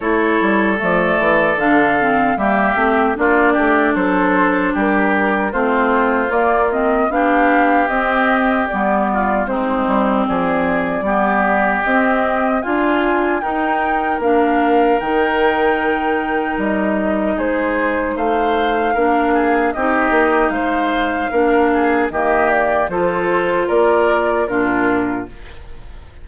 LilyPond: <<
  \new Staff \with { instrumentName = "flute" } { \time 4/4 \tempo 4 = 76 cis''4 d''4 f''4 e''4 | d''4 c''4 ais'4 c''4 | d''8 dis''8 f''4 dis''4 d''4 | c''4 d''2 dis''4 |
gis''4 g''4 f''4 g''4~ | g''4 dis''4 c''4 f''4~ | f''4 dis''4 f''2 | dis''8 d''8 c''4 d''4 ais'4 | }
  \new Staff \with { instrumentName = "oboe" } { \time 4/4 a'2. g'4 | f'8 g'8 a'4 g'4 f'4~ | f'4 g'2~ g'8 f'8 | dis'4 gis'4 g'2 |
f'4 ais'2.~ | ais'2 gis'4 c''4 | ais'8 gis'8 g'4 c''4 ais'8 gis'8 | g'4 a'4 ais'4 f'4 | }
  \new Staff \with { instrumentName = "clarinet" } { \time 4/4 e'4 a4 d'8 c'8 ais8 c'8 | d'2. c'4 | ais8 c'8 d'4 c'4 b4 | c'2 b4 c'4 |
f'4 dis'4 d'4 dis'4~ | dis'1 | d'4 dis'2 d'4 | ais4 f'2 d'4 | }
  \new Staff \with { instrumentName = "bassoon" } { \time 4/4 a8 g8 f8 e8 d4 g8 a8 | ais8 a8 fis4 g4 a4 | ais4 b4 c'4 g4 | gis8 g8 f4 g4 c'4 |
d'4 dis'4 ais4 dis4~ | dis4 g4 gis4 a4 | ais4 c'8 ais8 gis4 ais4 | dis4 f4 ais4 ais,4 | }
>>